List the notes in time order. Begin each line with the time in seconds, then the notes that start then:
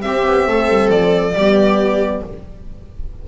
0.00 C4 G4 E5
0.26 B3
0.46 A3 A4
0.68 G3
0.89 F3 D5
1.34 G3 B3 G4